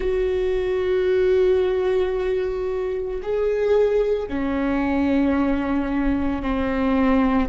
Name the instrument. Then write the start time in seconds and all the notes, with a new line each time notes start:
viola
0.00 F#4
3.22 G#4
4.28 C#4
6.42 C4